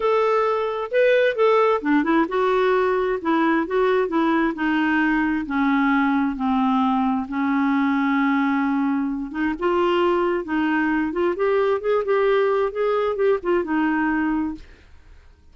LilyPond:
\new Staff \with { instrumentName = "clarinet" } { \time 4/4 \tempo 4 = 132 a'2 b'4 a'4 | d'8 e'8 fis'2 e'4 | fis'4 e'4 dis'2 | cis'2 c'2 |
cis'1~ | cis'8 dis'8 f'2 dis'4~ | dis'8 f'8 g'4 gis'8 g'4. | gis'4 g'8 f'8 dis'2 | }